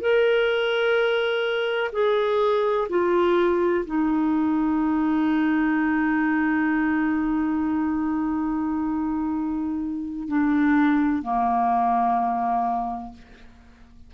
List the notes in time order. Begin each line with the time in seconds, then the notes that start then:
0.00 A#4
1.92 G#4
2.89 F4
3.85 D#4
10.28 D4
11.22 A#3